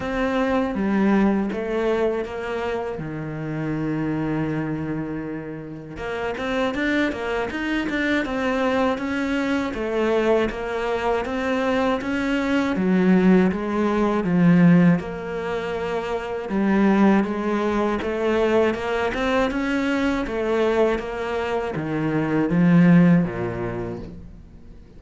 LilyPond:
\new Staff \with { instrumentName = "cello" } { \time 4/4 \tempo 4 = 80 c'4 g4 a4 ais4 | dis1 | ais8 c'8 d'8 ais8 dis'8 d'8 c'4 | cis'4 a4 ais4 c'4 |
cis'4 fis4 gis4 f4 | ais2 g4 gis4 | a4 ais8 c'8 cis'4 a4 | ais4 dis4 f4 ais,4 | }